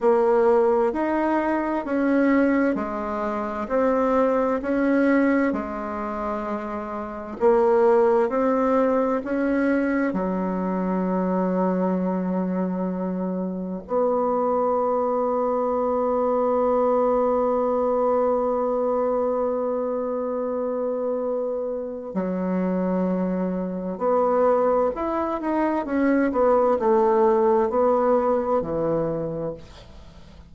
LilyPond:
\new Staff \with { instrumentName = "bassoon" } { \time 4/4 \tempo 4 = 65 ais4 dis'4 cis'4 gis4 | c'4 cis'4 gis2 | ais4 c'4 cis'4 fis4~ | fis2. b4~ |
b1~ | b1 | fis2 b4 e'8 dis'8 | cis'8 b8 a4 b4 e4 | }